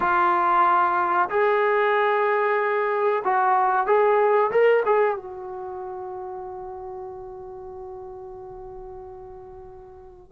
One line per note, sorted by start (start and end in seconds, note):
0.00 1.29 F4
1.29 3.23 G#4
3.24 3.86 F#4
3.86 4.50 G#4
4.51 4.83 A#4
4.85 5.16 G#4
5.16 10.32 F#4